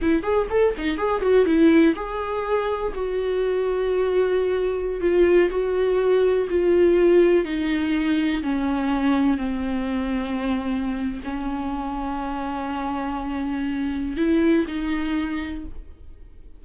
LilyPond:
\new Staff \with { instrumentName = "viola" } { \time 4/4 \tempo 4 = 123 e'8 gis'8 a'8 dis'8 gis'8 fis'8 e'4 | gis'2 fis'2~ | fis'2~ fis'16 f'4 fis'8.~ | fis'4~ fis'16 f'2 dis'8.~ |
dis'4~ dis'16 cis'2 c'8.~ | c'2. cis'4~ | cis'1~ | cis'4 e'4 dis'2 | }